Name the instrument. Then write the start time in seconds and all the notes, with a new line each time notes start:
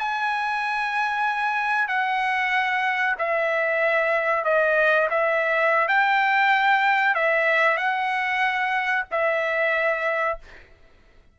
trumpet
0.00 G#5
1.88 F#5
3.19 E5
4.45 D#5
5.10 E5
5.89 G5
7.15 E5
7.78 F#5
9.12 E5